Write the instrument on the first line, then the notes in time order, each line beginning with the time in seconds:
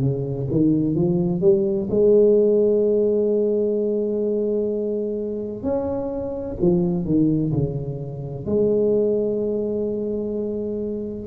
tuba
0.00 C#3
0.50 D#3
0.95 F3
1.41 G3
1.90 G#3
5.62 C#4
6.61 F3
7.05 D#3
7.53 C#3
8.45 G#3